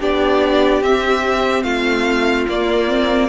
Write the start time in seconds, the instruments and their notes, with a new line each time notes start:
0.00 cello B3, viola D4, violin G4 D5
0.82 cello C4, viola C4, violin E5
1.63 cello A3, violin F4 F5
2.49 cello A#3, viola A#3, violin D5
2.88 viola C4